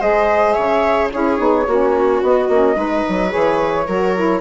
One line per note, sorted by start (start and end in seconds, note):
0.00 0.56 G#3
0.00 1.10 G#4
0.00 0.55 C5
0.00 0.53 D#5
0.53 1.12 C#3
0.53 1.10 C#5
0.53 1.08 E5
1.12 1.39 C#4
1.12 1.38 E4
1.12 1.67 G#4
1.12 2.22 C#5
1.38 1.67 B3
1.38 1.65 D#4
1.67 2.22 A#3
1.67 2.24 C#4
1.67 2.76 F#4
2.22 2.49 B3
2.22 2.51 B3
2.22 3.32 D#5
2.49 2.76 A#3
2.49 2.76 C#4
2.76 3.03 G#3
2.76 3.29 D#4
2.76 3.87 B4
3.09 3.34 F#3
3.29 3.88 E3
3.29 3.85 G#4
3.29 4.41 C#5
3.87 4.41 F#3
3.87 4.16 F#4
3.87 4.41 A#4
4.16 4.41 E4